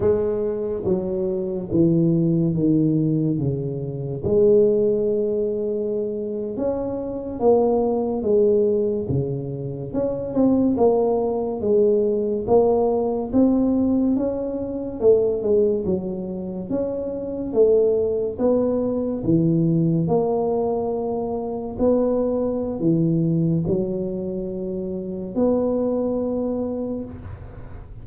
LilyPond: \new Staff \with { instrumentName = "tuba" } { \time 4/4 \tempo 4 = 71 gis4 fis4 e4 dis4 | cis4 gis2~ gis8. cis'16~ | cis'8. ais4 gis4 cis4 cis'16~ | cis'16 c'8 ais4 gis4 ais4 c'16~ |
c'8. cis'4 a8 gis8 fis4 cis'16~ | cis'8. a4 b4 e4 ais16~ | ais4.~ ais16 b4~ b16 e4 | fis2 b2 | }